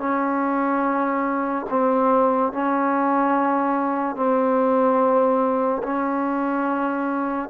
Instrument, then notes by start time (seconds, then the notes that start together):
trombone
0.00 C#4
1.70 C4
2.53 C#4
4.16 C4
5.84 C#4